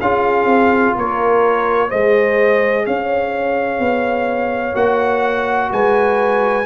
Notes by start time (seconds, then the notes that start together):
0.00 C#4 F4 G#4 F5
0.44 C4
0.94 A#3 A#4 C#5
1.88 G#3 G#4 C5 D#5
2.86 C#4 C#5 F5
3.79 B3
4.74 A#3 F#4 F#5
5.71 G#3 B4 G#5